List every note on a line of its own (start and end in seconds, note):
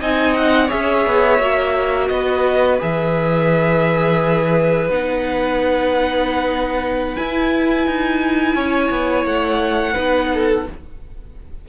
0.00 0.70 C4
0.00 0.68 D#4
0.00 0.66 D#5
0.00 0.36 G#5
0.36 0.70 F#5
0.66 1.06 C#4
0.66 1.38 G#4
0.66 2.06 C#5
0.66 2.08 E5
1.06 1.39 B3
1.39 2.09 A#3
1.39 2.79 F#4
2.08 2.79 B3
2.08 8.55 B4
2.08 2.77 D#5
2.79 4.89 E3
2.79 4.88 G#4
2.79 4.90 E5
4.89 7.16 B3
4.89 7.16 D#4
4.89 7.16 F#5
7.16 9.94 E4
7.16 7.86 E4
7.16 9.25 G#5
7.86 8.54 D#4
8.54 8.89 C#4
8.54 9.93 C#5
8.90 9.24 B3
9.25 9.94 A3
9.25 10.66 F#5
9.93 10.67 B3
9.93 10.64 D#4
9.93 10.28 B4
10.33 10.68 A4